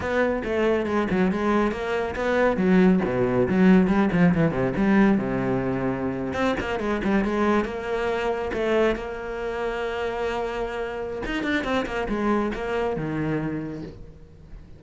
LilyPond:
\new Staff \with { instrumentName = "cello" } { \time 4/4 \tempo 4 = 139 b4 a4 gis8 fis8 gis4 | ais4 b4 fis4 b,4 | fis4 g8 f8 e8 c8 g4 | c2~ c8. c'8 ais8 gis16~ |
gis16 g8 gis4 ais2 a16~ | a8. ais2.~ ais16~ | ais2 dis'8 d'8 c'8 ais8 | gis4 ais4 dis2 | }